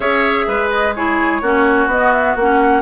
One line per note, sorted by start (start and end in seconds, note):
0.00 0.45 C#4
0.00 0.93 G#4
0.00 0.45 C#5
0.00 0.69 E5
0.47 1.41 G#3
0.47 0.94 B4
0.69 0.93 D#5
0.95 1.42 E4
0.95 1.42 G#4
0.95 1.89 C#5
1.41 1.87 A#3
1.41 1.89 C#4
1.41 2.82 F#4
1.87 2.34 B3
1.87 2.39 B3
1.87 2.12 D#5
2.12 2.36 E5
2.36 2.82 A#3
2.36 2.82 C#4
2.36 2.82 F#5